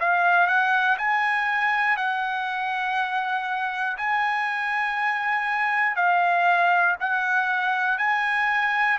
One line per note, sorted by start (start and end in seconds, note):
0.00 0.47 F5
0.47 0.97 F#5
0.98 1.96 G#5
1.96 3.96 F#5
3.97 5.96 G#5
5.96 6.96 F5
7.00 7.98 F#5
7.98 8.98 G#5